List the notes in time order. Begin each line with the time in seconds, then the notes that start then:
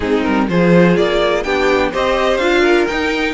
0.00 G#3 C4 D#4 G#4
0.23 G3 A#4
0.49 F3 F4 G#4 C5
0.96 A#3 D5
1.43 B3 D4 G4 G5
1.91 C4 G4 C5 D#5
2.37 D4 F4 F5
2.61 A#4
2.87 D#4 G5